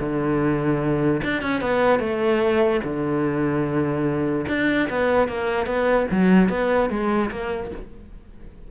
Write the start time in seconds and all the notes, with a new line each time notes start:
0.00 D3
1.24 D4
1.42 C#4
1.61 B3
2.00 A3
2.84 D3
4.49 D4
4.90 B3
5.29 A#3
5.66 B3
6.11 F#3
6.49 B3
6.90 G#3
7.31 A#3